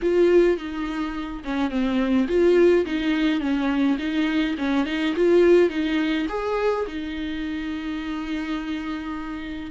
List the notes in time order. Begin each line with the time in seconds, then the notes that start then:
0.02 F4
0.57 D#4
1.44 C#4
1.70 C4
2.28 F4
2.85 D#4
3.40 C#4
3.98 D#4
4.58 C#4
4.85 D#4
5.16 F4
5.69 D#4
6.29 G#4
6.87 D#4